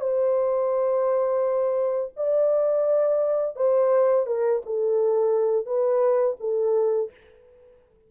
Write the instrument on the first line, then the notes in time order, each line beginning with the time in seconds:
horn
0.00 C5
2.17 D5
3.56 C5
4.26 A#4
4.66 A4
5.66 B4
6.40 A4